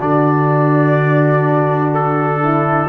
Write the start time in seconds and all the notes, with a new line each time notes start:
0.00 D3 D4 F#4 D5
1.95 A4
2.44 E4